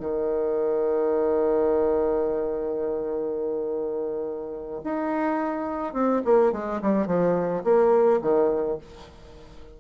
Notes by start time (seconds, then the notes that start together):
0.00 D#3
4.84 D#4
5.94 C4
6.25 A#3
6.52 G#3
6.82 G3
7.07 F3
7.64 A#3
8.22 D#3